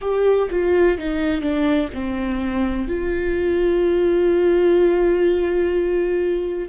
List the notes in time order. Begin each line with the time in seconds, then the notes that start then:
0.01 G4
0.50 F4
0.97 D#4
1.41 D4
1.93 C4
2.87 F4